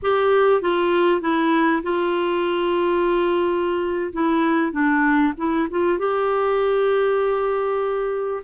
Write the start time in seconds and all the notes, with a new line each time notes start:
0.02 G4
0.61 F4
1.21 E4
1.83 F4
4.12 E4
4.72 D4
5.37 E4
5.70 F4
5.98 G4